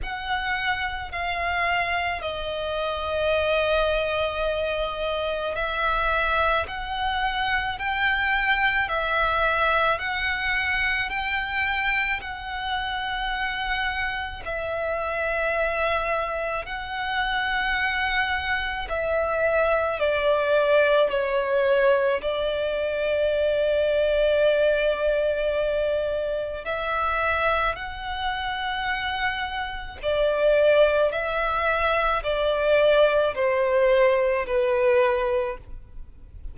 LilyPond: \new Staff \with { instrumentName = "violin" } { \time 4/4 \tempo 4 = 54 fis''4 f''4 dis''2~ | dis''4 e''4 fis''4 g''4 | e''4 fis''4 g''4 fis''4~ | fis''4 e''2 fis''4~ |
fis''4 e''4 d''4 cis''4 | d''1 | e''4 fis''2 d''4 | e''4 d''4 c''4 b'4 | }